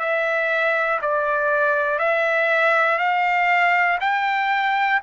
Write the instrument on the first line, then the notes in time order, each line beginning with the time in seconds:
trumpet
0.00 E5
1.02 D5
1.99 E5
2.99 F5
4.00 G5